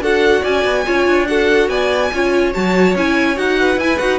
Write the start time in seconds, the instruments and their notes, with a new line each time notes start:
0.00 cello D4, viola F#4, violin A4 F#5
0.41 cello C#4, violin D5 G#5
0.65 cello B3
0.85 cello C#4, viola F4, violin C#5
1.06 cello D4
1.27 viola F#4, violin A4 F#5
1.68 cello B3, violin D5 G#5
2.12 cello C#4, viola F4, violin C#5
2.53 cello F#3, viola F#4, violin A5
2.95 cello C#4, viola E4, violin G#5
3.35 cello D#4, viola F#4, violin F#5
3.59 violin B4
3.76 cello E4, viola E4, violin G#5
3.98 cello D#4, viola F#4, violin F#5